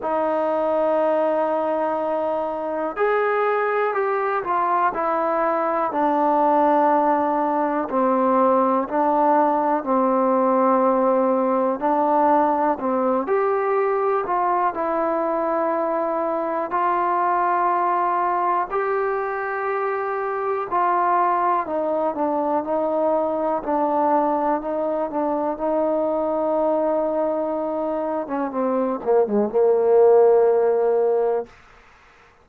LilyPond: \new Staff \with { instrumentName = "trombone" } { \time 4/4 \tempo 4 = 61 dis'2. gis'4 | g'8 f'8 e'4 d'2 | c'4 d'4 c'2 | d'4 c'8 g'4 f'8 e'4~ |
e'4 f'2 g'4~ | g'4 f'4 dis'8 d'8 dis'4 | d'4 dis'8 d'8 dis'2~ | dis'8. cis'16 c'8 ais16 gis16 ais2 | }